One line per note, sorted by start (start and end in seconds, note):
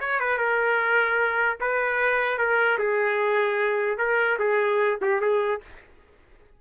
0.00 0.20 C#5
0.20 0.38 B4
0.38 1.58 A#4
1.60 2.38 B4
2.38 2.78 A#4
2.79 3.98 G#4
3.98 4.38 A#4
4.39 4.99 G#4
5.02 5.21 G4
5.21 5.61 G#4